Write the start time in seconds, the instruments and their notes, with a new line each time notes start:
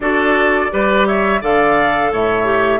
0.00 bassoon D4, clarinet F#4, oboe A4, flute D5
0.70 bassoon G3, clarinet G4, oboe B4
1.06 oboe C#5, flute E5
1.40 bassoon D3, clarinet A4, oboe D5, flute F5
2.11 bassoon A2, oboe C#5, flute E5
2.44 clarinet G4